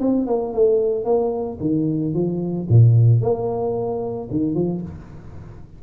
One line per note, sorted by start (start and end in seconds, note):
0.00 0.27 C4
0.27 0.53 A#3
0.54 1.05 A3
1.05 1.58 A#3
1.60 2.14 D#3
2.14 2.68 F3
2.69 3.22 A#2
3.22 4.29 A#3
4.31 4.55 D#3
4.55 4.82 F3